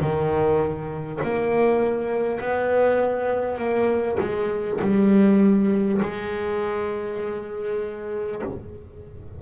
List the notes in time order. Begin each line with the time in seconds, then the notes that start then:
0.00 D#3
1.23 A#3
2.40 B3
3.58 A#3
4.19 G#3
4.81 G3
6.02 G#3